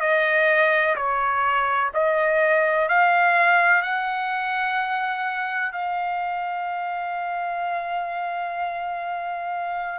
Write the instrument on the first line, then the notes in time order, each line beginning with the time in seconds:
trumpet
0.00 D#5
0.96 C#5
1.94 D#5
2.89 F5
3.82 F#5
5.72 F5